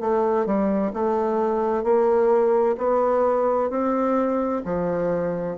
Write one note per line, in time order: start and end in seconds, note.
0.00 0.46 A3
0.46 0.92 G3
0.93 1.83 A3
1.83 2.76 A#3
2.78 3.70 B3
3.70 4.62 C4
4.65 5.57 F3